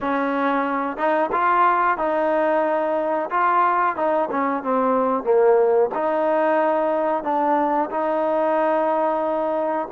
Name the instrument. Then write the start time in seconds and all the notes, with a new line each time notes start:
trombone
0.00 C#4
0.97 D#4
1.32 F4
1.97 D#4
3.30 F4
3.96 D#4
4.30 C#4
4.63 C4
5.23 A#3
5.94 D#4
7.23 D4
7.90 D#4